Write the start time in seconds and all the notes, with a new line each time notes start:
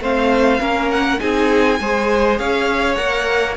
0.00 A3 C4 C5 F5
0.60 A#3 C#4 A#4
0.90 F#5
1.19 C4 D#4 G#4 G#5
1.80 G#3 G#4 C5
2.38 C#4 C#5 F5
2.95 A#3 A#4 F#5